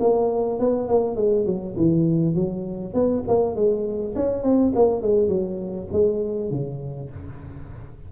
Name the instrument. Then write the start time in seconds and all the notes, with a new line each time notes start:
tuba
0.00 A#3
0.59 B3
0.88 A#3
1.16 G#3
1.46 F#3
1.77 E3
2.35 F#3
2.94 B3
3.28 A#3
3.55 G#3
4.16 C#4
4.43 C4
4.75 A#3
5.02 G#3
5.28 F#3
5.92 G#3
6.51 C#3